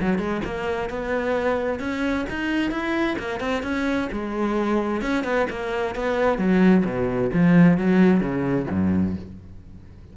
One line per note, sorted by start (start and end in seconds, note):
0.00 0.18 F#3
0.18 0.41 G#3
0.45 0.89 A#3
0.89 1.79 B3
1.79 2.25 C#4
2.29 2.71 D#4
2.71 3.16 E4
3.18 3.40 A#3
3.40 3.63 C4
3.63 4.08 C#4
4.12 5.01 G#3
5.01 5.24 C#4
5.24 5.46 B3
5.50 5.95 A#3
5.95 6.38 B3
6.38 6.83 F#3
6.84 7.30 B2
7.33 7.77 F3
7.77 8.20 F#3
8.20 8.66 C#3
8.70 9.16 F#2